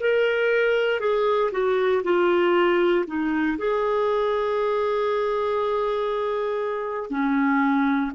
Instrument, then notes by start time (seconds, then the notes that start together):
clarinet
0.00 A#4
1.00 G#4
1.52 F#4
2.04 F4
3.07 D#4
3.58 G#4
7.10 C#4